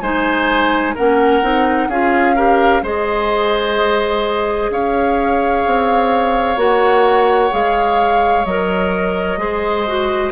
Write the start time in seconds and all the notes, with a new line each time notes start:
0.00 G#3 D#4 C5 G#5
0.94 A#3 C#4 A#4 F#5
1.42 C4 D#4
1.88 C#4 F4 G#4 F5
2.35 G4 A#4
2.82 G#3 G#4 C5 D#5
4.70 C#4 C#5 F5
5.66 C4
6.56 A#3 F#4 F#5
7.50 G#3 G#4 F5
8.45 F#3 A#4 D#5
9.37 G#3 G#4 C5
9.87 F#4